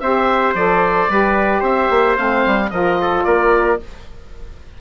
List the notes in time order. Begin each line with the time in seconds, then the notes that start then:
0.00 C4 G4 C5 E5
0.54 F3 A4 D5
1.08 G3 G4 B4
1.60 C4 C5 E5
1.89 A#3
2.16 A3 C4 F5
2.46 G3
2.70 F3 F4 A#4 D#5
3.01 A4
3.24 A#3 A#4 D5